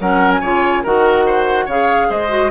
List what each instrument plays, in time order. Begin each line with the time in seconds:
0.00 bassoon F#3, clarinet C#4, oboe A#4, flute F#5
0.32 flute G#5
0.41 bassoon C#3, clarinet F4, oboe C#5
0.83 bassoon D#3, clarinet F#4, oboe A#4, flute F#5
1.26 oboe C5
1.65 bassoon C#3, clarinet G#4, oboe C#5, flute F5
2.09 bassoon G#3, oboe C5, flute D#5
2.29 clarinet F#4